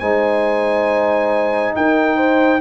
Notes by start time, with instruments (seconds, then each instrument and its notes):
0.00 tuba G#3, trombone D#4, horn C5, trumpet G#5
1.76 tuba D#4, horn A#4, trumpet G5
2.17 horn C5